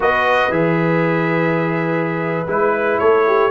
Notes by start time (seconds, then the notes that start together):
0.00 B3 F#4 B4 D#5
0.50 E3 G#4 E5
2.47 G#3 E4 B4
2.98 A3 A4 C#5
3.27 G4